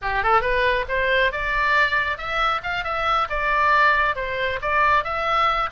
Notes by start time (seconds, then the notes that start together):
0.02 G4
0.23 A4
0.41 B4
0.88 C5
1.32 D5
2.17 E5
2.63 F5
2.84 E5
3.29 D5
4.15 C5
4.61 D5
5.04 E5